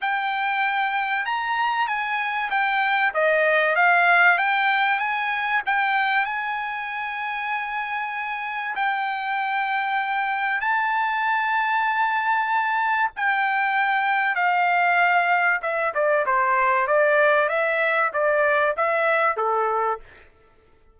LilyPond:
\new Staff \with { instrumentName = "trumpet" } { \time 4/4 \tempo 4 = 96 g''2 ais''4 gis''4 | g''4 dis''4 f''4 g''4 | gis''4 g''4 gis''2~ | gis''2 g''2~ |
g''4 a''2.~ | a''4 g''2 f''4~ | f''4 e''8 d''8 c''4 d''4 | e''4 d''4 e''4 a'4 | }